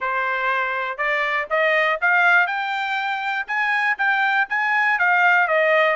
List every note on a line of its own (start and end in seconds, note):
0.00 0.97 C5
0.97 1.47 D5
1.49 1.99 D#5
2.01 2.47 F5
2.47 3.46 G5
3.47 3.96 G#5
3.98 4.47 G5
4.49 4.98 G#5
4.98 5.47 F5
5.47 5.96 D#5